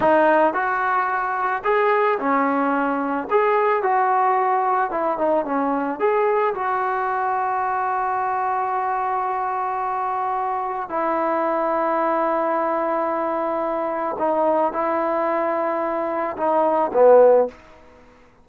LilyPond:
\new Staff \with { instrumentName = "trombone" } { \time 4/4 \tempo 4 = 110 dis'4 fis'2 gis'4 | cis'2 gis'4 fis'4~ | fis'4 e'8 dis'8 cis'4 gis'4 | fis'1~ |
fis'1 | e'1~ | e'2 dis'4 e'4~ | e'2 dis'4 b4 | }